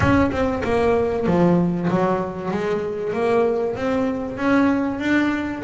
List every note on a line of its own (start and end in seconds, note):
0.00 0.30 C#4
0.31 0.62 C4
0.63 1.26 A#3
1.26 1.89 F3
1.89 2.51 F#3
2.51 3.13 G#3
3.13 3.75 A#3
3.75 4.37 C4
4.37 4.99 C#4
4.99 5.62 D4